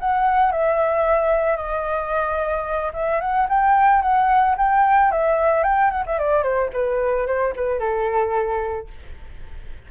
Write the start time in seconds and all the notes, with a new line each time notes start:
0.00 F#5
0.52 E5
1.57 D#5
2.94 E5
3.21 F#5
3.49 G5
4.02 F#5
4.58 G5
5.12 E5
5.64 G5
5.91 F#5
6.07 E5
6.19 D5
6.43 C5
6.73 B4
7.27 C5
7.56 B4
7.80 A4